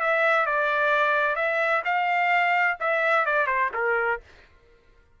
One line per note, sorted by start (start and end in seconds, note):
0.00 0.45 E5
0.45 1.35 D5
1.35 1.82 E5
1.84 2.77 F5
2.80 3.25 E5
3.25 3.46 D5
3.46 3.70 C5
3.73 4.20 A#4